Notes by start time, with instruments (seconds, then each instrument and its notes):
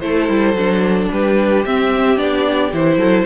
0.00 cello A3, viola E4, violin A4 C5
0.29 cello G3
0.54 cello F#3, viola D4
1.11 cello G3, violin G4 B4
1.65 viola C4, cello C4, violin E5
2.17 cello B3, viola D4, violin D5
2.73 cello E3, viola E4, violin C5
2.97 cello F#3, violin A4